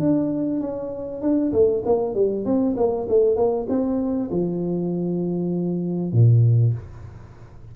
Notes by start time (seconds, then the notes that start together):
0.00 D4
0.60 C#4
1.22 D4
1.53 A3
1.85 A#3
2.15 G3
2.45 C4
2.77 A#3
3.09 A3
3.36 A#3
3.69 C4
4.31 F3
6.13 A#2